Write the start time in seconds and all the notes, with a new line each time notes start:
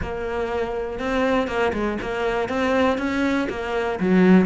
0.02 A#3
0.99 C4
1.47 A#3
1.73 G#3
2.01 A#3
2.49 C4
2.98 C#4
3.49 A#3
3.99 F#3